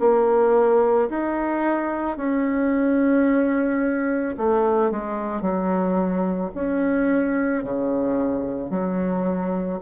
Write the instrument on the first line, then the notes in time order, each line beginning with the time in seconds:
bassoon
0.00 A#3
1.10 D#4
2.17 C#4
4.37 A3
4.91 G#3
5.42 F#3
6.55 C#4
7.64 C#3
8.70 F#3